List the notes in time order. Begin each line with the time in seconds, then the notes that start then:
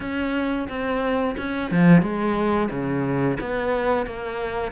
0.00 C#4
0.68 C4
1.37 C#4
1.71 F3
2.02 G#3
2.70 C#3
3.40 B3
4.06 A#3